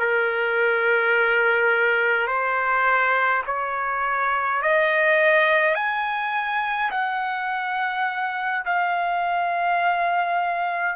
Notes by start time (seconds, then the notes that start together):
0.00 A#4
2.28 C5
3.47 C#5
4.63 D#5
5.75 G#5
6.91 F#5
8.66 F5